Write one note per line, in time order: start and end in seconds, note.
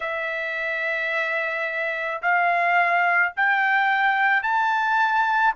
0.00 2.21 E5
2.22 3.33 F5
3.36 4.42 G5
4.42 5.54 A5